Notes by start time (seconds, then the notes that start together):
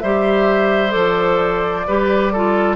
0.00 G3 G4 C5 E5
0.89 F3 A4 D5
1.87 G3 G4 B4
2.32 F4 A4